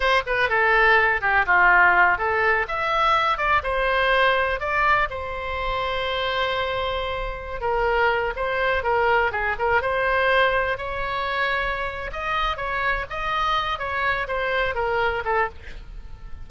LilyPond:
\new Staff \with { instrumentName = "oboe" } { \time 4/4 \tempo 4 = 124 c''8 b'8 a'4. g'8 f'4~ | f'8 a'4 e''4. d''8 c''8~ | c''4. d''4 c''4.~ | c''2.~ c''8. ais'16~ |
ais'4~ ais'16 c''4 ais'4 gis'8 ais'16~ | ais'16 c''2 cis''4.~ cis''16~ | cis''4 dis''4 cis''4 dis''4~ | dis''8 cis''4 c''4 ais'4 a'8 | }